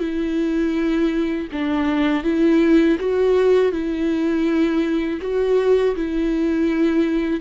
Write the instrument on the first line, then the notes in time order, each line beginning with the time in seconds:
viola
0.00 E4
1.52 D4
2.24 E4
3.00 F#4
3.72 E4
5.22 F#4
5.96 E4